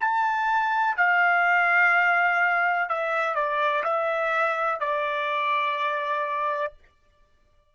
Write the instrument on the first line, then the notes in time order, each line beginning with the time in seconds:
trumpet
0.00 A5
0.96 F5
2.89 E5
3.34 D5
3.83 E5
4.79 D5